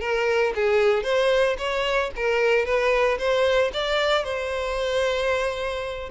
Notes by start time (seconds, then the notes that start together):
0.00 A#4
0.55 G#4
1.03 C5
1.58 C#5
2.16 A#4
2.65 B4
3.18 C5
3.73 D5
4.24 C5